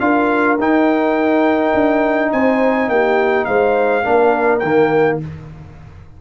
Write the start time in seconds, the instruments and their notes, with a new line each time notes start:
0.00 tuba D4, trombone F4, horn A#4, trumpet F5
0.58 tuba D#4, trombone D#4, trumpet G5
1.75 tuba D4
2.32 tuba C4, horn C5, trumpet G#5
2.88 tuba A#3, horn G4, trumpet G5
3.45 tuba G#3, horn C5, trumpet F5
4.04 tuba A#3, trombone D4, horn A#4
4.59 tuba D#3, trombone A#3, trumpet G5